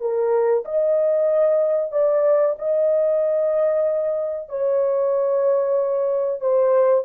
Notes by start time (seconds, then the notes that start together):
0.00 A#4
0.65 D#5
1.92 D5
2.59 D#5
4.49 C#5
6.41 C5